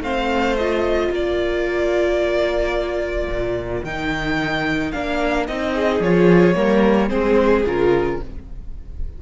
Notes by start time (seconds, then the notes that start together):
0.00 A3 C4 C5 F5
0.57 F4 D#5
1.10 A#3 A#4 D5
3.28 A#2
3.84 D#3 D#4 G5
4.92 A#3 D4 F5
5.47 C4 D#4 D#5
5.74 G#4
6.00 F3 F4 C#5
6.55 G3 A#3 A#4
7.09 G#3 C4 G#4 C5
7.66 C#3 F4 A#4